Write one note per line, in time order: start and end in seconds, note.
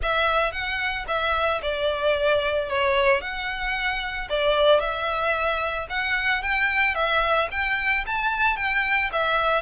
0.02 0.52 E5
0.52 1.05 F#5
1.07 1.61 E5
1.62 2.69 D5
2.69 3.21 C#5
3.21 4.28 F#5
4.29 4.79 D5
4.79 5.87 E5
5.89 6.42 F#5
6.42 6.94 G5
6.94 7.48 E5
7.51 8.04 G5
8.06 8.56 A5
8.56 9.09 G5
9.12 9.61 E5